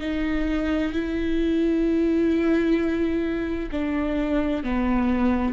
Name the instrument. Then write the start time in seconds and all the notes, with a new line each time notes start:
viola
0.00 D#4
0.92 E4
3.71 D4
4.63 B3